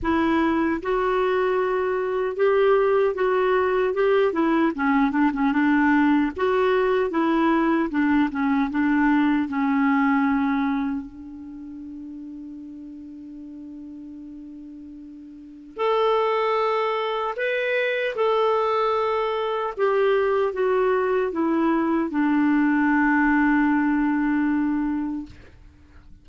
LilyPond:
\new Staff \with { instrumentName = "clarinet" } { \time 4/4 \tempo 4 = 76 e'4 fis'2 g'4 | fis'4 g'8 e'8 cis'8 d'16 cis'16 d'4 | fis'4 e'4 d'8 cis'8 d'4 | cis'2 d'2~ |
d'1 | a'2 b'4 a'4~ | a'4 g'4 fis'4 e'4 | d'1 | }